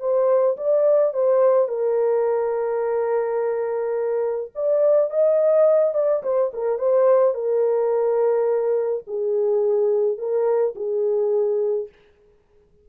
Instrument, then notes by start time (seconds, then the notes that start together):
horn
0.00 C5
0.57 D5
1.14 C5
1.69 A#4
4.55 D5
5.10 D#5
5.95 D5
6.23 C5
6.54 A#4
6.79 C5
7.34 A#4
9.07 G#4
10.18 A#4
10.76 G#4